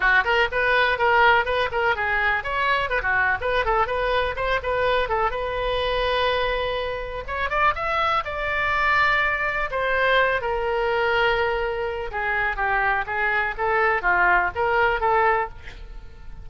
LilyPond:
\new Staff \with { instrumentName = "oboe" } { \time 4/4 \tempo 4 = 124 fis'8 ais'8 b'4 ais'4 b'8 ais'8 | gis'4 cis''4 b'16 fis'8. b'8 a'8 | b'4 c''8 b'4 a'8 b'4~ | b'2. cis''8 d''8 |
e''4 d''2. | c''4. ais'2~ ais'8~ | ais'4 gis'4 g'4 gis'4 | a'4 f'4 ais'4 a'4 | }